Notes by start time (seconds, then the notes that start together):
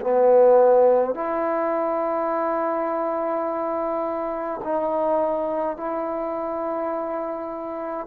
0.00 B3
1.14 E4
4.64 D#4
5.76 E4